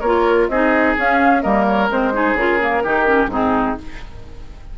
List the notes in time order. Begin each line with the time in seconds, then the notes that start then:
0.00 A#3 F4 A#4 C#5
0.48 C4 D#4 G#4 D#5
0.97 C#4 F5
1.41 G3 A#3 A#4 D#5
1.67 C#5
1.89 G#3 C4 C5
2.13 D#4 G#4
2.33 C#3 F4 A#4
2.60 A#3
2.83 D#3 D#4 G4
3.05 C#4
3.26 G#2 C4 D#4 G#4